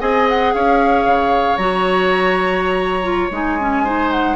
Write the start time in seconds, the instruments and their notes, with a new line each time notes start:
0.00 bassoon C4, clarinet G#4, oboe D#5, flute G#5
0.29 flute F#5
0.54 bassoon C#4, oboe C#5, flute F5
1.06 bassoon C#3
1.58 bassoon F#3, clarinet F#4, flute A#5
3.03 clarinet F4
3.31 bassoon G#3, clarinet D#4, flute G#5
3.60 clarinet C#4
3.84 clarinet D#4, oboe C5
4.12 flute F#5